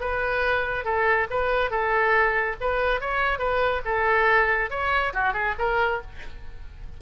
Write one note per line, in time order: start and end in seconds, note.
0.00 0.84 B4
0.84 1.27 A4
1.30 1.70 B4
1.70 2.56 A4
2.61 3.01 B4
3.01 3.38 C#5
3.38 3.81 B4
3.85 4.70 A4
4.70 5.13 C#5
5.13 5.33 F#4
5.33 5.55 G#4
5.59 6.01 A#4